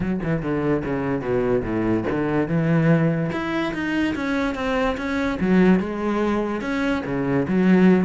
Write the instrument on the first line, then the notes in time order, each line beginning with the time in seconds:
cello
0.00 F#3
0.23 E3
0.42 D3
0.84 C#3
1.21 B2
1.63 A2
2.10 D3
2.48 E3
3.32 E4
3.73 D#4
4.15 C#4
4.54 C4
4.97 C#4
5.40 F#3
5.79 G#3
6.61 C#4
7.05 C#3
7.47 F#3